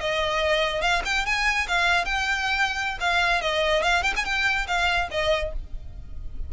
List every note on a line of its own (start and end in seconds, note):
0.00 0.81 D#5
0.81 1.02 F5
1.05 1.26 G5
1.26 1.67 G#5
1.68 2.05 F5
2.05 2.98 G5
3.00 3.41 F5
3.41 3.83 D#5
3.83 4.03 F5
4.03 4.13 G5
4.16 4.25 G#5
4.25 4.66 G5
4.67 5.08 F5
5.11 5.52 D#5